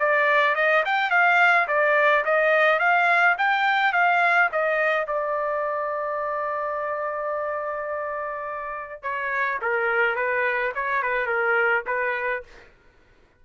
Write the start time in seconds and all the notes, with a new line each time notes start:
0.00 D5
0.55 D#5
0.85 G5
1.11 F5
1.68 D5
2.25 D#5
2.79 F5
3.38 G5
3.93 F5
4.52 D#5
5.07 D5
9.03 C#5
9.62 A#4
10.16 B4
10.75 C#5
11.02 B4
11.27 A#4
11.87 B4